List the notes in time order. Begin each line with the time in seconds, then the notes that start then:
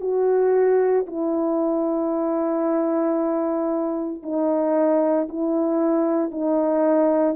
0.00 F#4
1.06 E4
4.22 D#4
5.29 E4
6.31 D#4